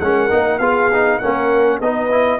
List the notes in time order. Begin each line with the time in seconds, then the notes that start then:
0.00 G#3 C#4 A#4 F#5
0.30 A#3 D#4
0.59 B3 F4 G#4 F5
0.93 D#4
1.18 A#3 C#4 A#4 F#5
1.80 B3 D#4 B4 D#5
2.10 E4